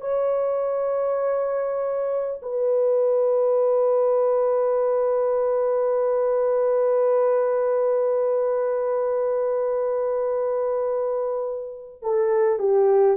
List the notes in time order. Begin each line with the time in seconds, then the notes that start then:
0.00 C#5
2.42 B4
12.02 A4
12.58 G4